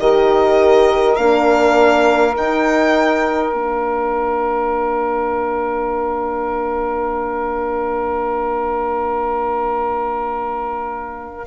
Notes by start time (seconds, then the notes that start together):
0.00 D#3 G4 A#4 D#5
1.16 A#3 D4 F5
2.35 D#4 G5
3.52 A#3 D4 F5